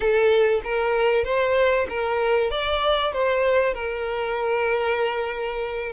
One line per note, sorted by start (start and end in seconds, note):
0.00 0.61 A4
0.64 1.24 A#4
1.24 1.87 C5
1.89 2.50 A#4
2.50 3.12 D5
3.12 3.73 C5
3.73 5.92 A#4